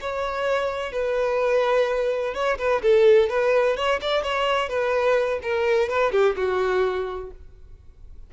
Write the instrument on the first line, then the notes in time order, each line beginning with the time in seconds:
violin
0.00 C#5
0.92 B4
2.34 C#5
2.58 B4
2.82 A4
3.29 B4
3.76 C#5
4.01 D5
4.23 C#5
4.69 B4
5.42 A#4
5.89 B4
6.11 G4
6.36 F#4